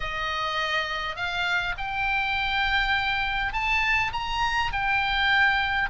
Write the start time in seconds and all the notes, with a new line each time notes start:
0.00 D#5
1.16 F5
1.77 G5
3.52 A5
4.13 A#5
4.71 G5